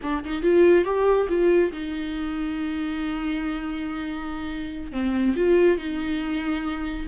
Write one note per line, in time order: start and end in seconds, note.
0.02 0.24 D4
0.24 0.42 D#4
0.42 0.84 F4
0.84 1.27 G4
1.28 1.71 F4
1.72 4.92 D#4
4.92 5.35 C4
5.36 5.77 F4
5.77 7.06 D#4